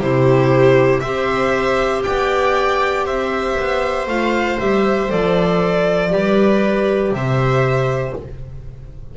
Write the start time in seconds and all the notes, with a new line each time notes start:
0.00 C3 E4 G4 C5
1.00 C4 G4 C5 E5
2.04 B3 D5 G5
3.06 C4 C5 E5
3.60 B3
4.07 A3 F4 F5
4.59 G3 G4 E5
5.09 F3 A4 D5
6.10 G3 G4 B4
7.12 C3 C5 E5